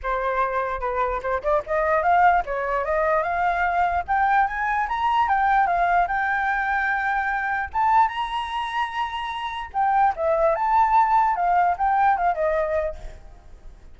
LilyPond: \new Staff \with { instrumentName = "flute" } { \time 4/4 \tempo 4 = 148 c''2 b'4 c''8 d''8 | dis''4 f''4 cis''4 dis''4 | f''2 g''4 gis''4 | ais''4 g''4 f''4 g''4~ |
g''2. a''4 | ais''1 | g''4 e''4 a''2 | f''4 g''4 f''8 dis''4. | }